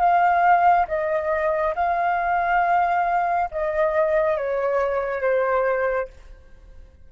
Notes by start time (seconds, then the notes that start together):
0.00 F5
0.88 D#5
1.76 F5
3.51 D#5
4.38 C#5
5.22 C5